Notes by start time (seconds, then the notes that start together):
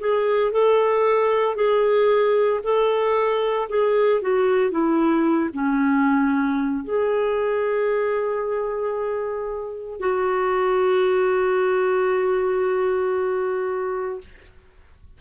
0.00 G#4
0.52 A4
1.56 G#4
2.64 A4
3.69 G#4
4.22 F#4
4.71 E4
5.53 C#4
6.84 G#4
10.00 F#4